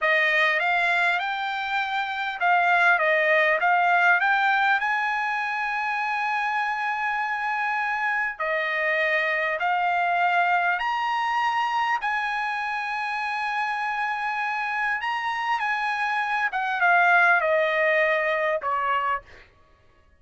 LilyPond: \new Staff \with { instrumentName = "trumpet" } { \time 4/4 \tempo 4 = 100 dis''4 f''4 g''2 | f''4 dis''4 f''4 g''4 | gis''1~ | gis''2 dis''2 |
f''2 ais''2 | gis''1~ | gis''4 ais''4 gis''4. fis''8 | f''4 dis''2 cis''4 | }